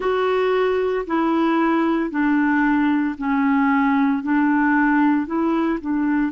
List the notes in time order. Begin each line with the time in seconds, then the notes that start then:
0.00 F#4
1.07 E4
2.10 D4
3.18 C#4
4.22 D4
5.26 E4
5.80 D4